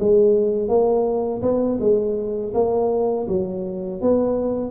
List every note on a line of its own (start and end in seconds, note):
0.00 0.69 G#3
0.69 1.42 A#3
1.42 1.79 B3
1.80 2.53 G#3
2.54 3.28 A#3
3.29 4.02 F#3
4.02 4.71 B3